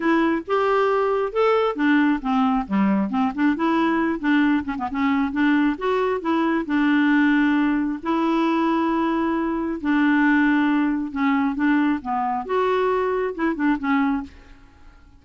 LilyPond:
\new Staff \with { instrumentName = "clarinet" } { \time 4/4 \tempo 4 = 135 e'4 g'2 a'4 | d'4 c'4 g4 c'8 d'8 | e'4. d'4 cis'16 b16 cis'4 | d'4 fis'4 e'4 d'4~ |
d'2 e'2~ | e'2 d'2~ | d'4 cis'4 d'4 b4 | fis'2 e'8 d'8 cis'4 | }